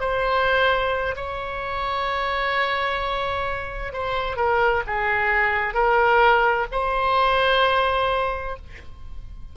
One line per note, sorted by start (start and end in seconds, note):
0.00 1.15 C5
1.16 3.93 C#5
3.93 4.36 C5
4.36 4.83 A#4
4.87 5.74 G#4
5.74 6.66 A#4
6.72 8.56 C5